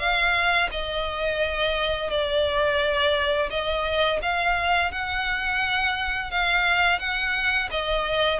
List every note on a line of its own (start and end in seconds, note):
0.00 0.70 F5
0.72 2.11 D#5
2.11 3.50 D5
3.50 4.20 D#5
4.22 4.92 F5
4.92 6.31 F#5
6.31 7.00 F5
7.00 7.70 F#5
7.71 8.40 D#5